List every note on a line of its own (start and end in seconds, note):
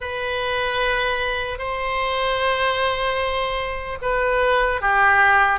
0.00 1.58 B4
1.58 3.98 C5
4.01 4.81 B4
4.81 5.59 G4